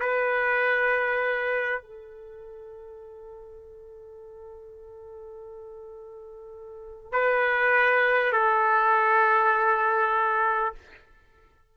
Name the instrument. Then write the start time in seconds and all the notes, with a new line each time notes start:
trumpet
0.00 B4
1.82 A4
7.12 B4
8.32 A4